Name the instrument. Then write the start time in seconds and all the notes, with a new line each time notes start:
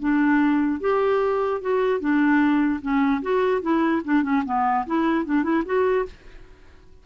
clarinet
0.00 D4
0.81 G4
1.61 F#4
2.00 D4
2.82 C#4
3.22 F#4
3.62 E4
4.05 D4
4.23 C#4
4.46 B3
4.87 E4
5.26 D4
5.43 E4
5.66 F#4